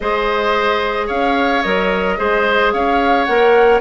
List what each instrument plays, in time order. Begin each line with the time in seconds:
0.00 bassoon G#3, clarinet G#4, oboe C5, flute D#5
1.06 bassoon C#4, oboe C#5, flute F5
1.62 bassoon F#3, clarinet A#4, flute D#5
2.17 bassoon G#3, clarinet G#4, oboe C5
2.72 bassoon C#4, oboe C#5, flute F5
3.24 bassoon A#3, clarinet A#4, flute F#5